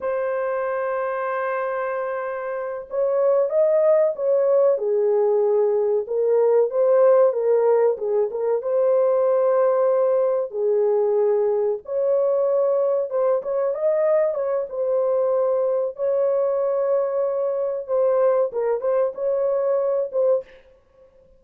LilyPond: \new Staff \with { instrumentName = "horn" } { \time 4/4 \tempo 4 = 94 c''1~ | c''8 cis''4 dis''4 cis''4 gis'8~ | gis'4. ais'4 c''4 ais'8~ | ais'8 gis'8 ais'8 c''2~ c''8~ |
c''8 gis'2 cis''4.~ | cis''8 c''8 cis''8 dis''4 cis''8 c''4~ | c''4 cis''2. | c''4 ais'8 c''8 cis''4. c''8 | }